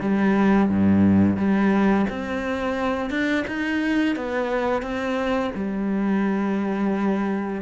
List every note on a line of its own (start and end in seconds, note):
0.00 0.69 G3
0.69 1.37 G2
1.37 2.06 G3
2.10 3.10 C4
3.10 3.45 D4
3.47 4.16 D#4
4.16 4.82 B3
4.82 5.51 C4
5.55 7.61 G3